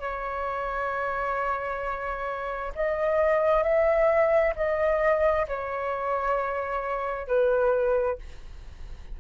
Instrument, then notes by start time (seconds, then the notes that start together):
flute
0.00 C#5
2.75 D#5
3.63 E5
4.56 D#5
5.48 C#5
7.27 B4